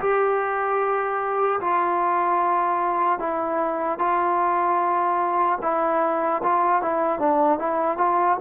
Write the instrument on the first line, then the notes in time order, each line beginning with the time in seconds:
trombone
0.00 G4
1.60 F4
3.19 E4
3.99 F4
5.62 E4
6.43 F4
6.82 E4
7.19 D4
7.59 E4
7.98 F4